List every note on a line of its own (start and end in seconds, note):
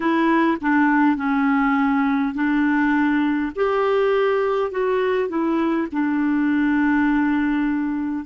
0.00 0.57 E4
0.61 1.16 D4
1.16 2.34 C#4
2.34 3.51 D4
3.56 4.71 G4
4.71 5.28 F#4
5.28 5.87 E4
5.91 8.25 D4